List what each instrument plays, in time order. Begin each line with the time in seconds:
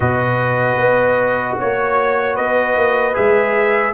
0.00 tuba B2, trombone F#4, horn B4, trumpet D#5
0.77 tuba B3
1.58 tuba A#3, horn C#5, trumpet C#5
2.34 tuba B3, horn B4, trumpet D#5
2.75 tuba A#3
3.13 tuba G#3, trombone G#4, trumpet E5